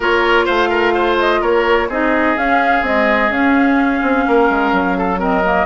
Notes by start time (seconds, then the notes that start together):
0.00 A#3 F4 A#4 C#5
0.45 A3 C5 F5
0.69 A#4
0.94 C5
1.19 D#5
1.41 A#3 A#4 C#5
1.88 C4 D#4 G#4 D#5
2.36 C#4 F5
2.81 G#3 C4 D#5
3.29 C#4 F5
4.02 C4
4.27 A#3 A#4
4.49 G#3
4.72 F#3
4.97 A4
5.18 C4 A#4 D#5
5.43 A#3